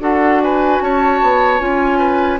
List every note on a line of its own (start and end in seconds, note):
0.00 0.80 D4
0.00 1.59 F#4
0.00 0.42 A4
0.00 0.42 F#5
0.43 0.83 B4
0.43 0.82 G#5
0.81 1.21 C#4
0.81 1.98 C#5
0.81 1.60 A5
1.23 1.61 B3
1.59 2.40 C#4
1.59 2.39 F4
1.59 2.40 G#5
1.98 2.38 B4